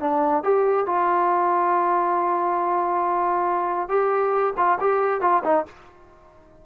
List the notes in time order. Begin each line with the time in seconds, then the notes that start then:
0.00 D4
0.43 G4
0.86 F4
3.89 G4
4.57 F4
4.80 G4
5.21 F4
5.44 D#4